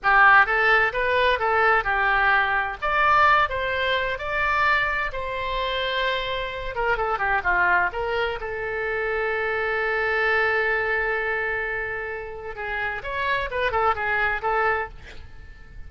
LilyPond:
\new Staff \with { instrumentName = "oboe" } { \time 4/4 \tempo 4 = 129 g'4 a'4 b'4 a'4 | g'2 d''4. c''8~ | c''4 d''2 c''4~ | c''2~ c''8 ais'8 a'8 g'8 |
f'4 ais'4 a'2~ | a'1~ | a'2. gis'4 | cis''4 b'8 a'8 gis'4 a'4 | }